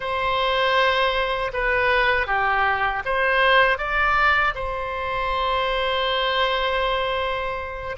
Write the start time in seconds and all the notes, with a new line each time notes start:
0.00 C5
1.53 B4
2.26 G4
3.05 C5
3.78 D5
4.54 C5